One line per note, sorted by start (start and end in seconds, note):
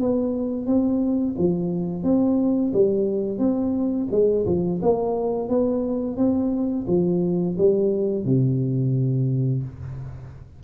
0.00 0.66 B3
0.66 1.35 C4
1.38 2.03 F3
2.03 2.72 C4
2.73 3.39 G3
3.39 4.08 C4
4.11 4.46 G#3
4.46 4.81 F3
4.82 5.49 A#3
5.49 6.17 B3
6.17 6.86 C4
6.87 7.56 F3
7.57 8.25 G3
8.25 9.63 C3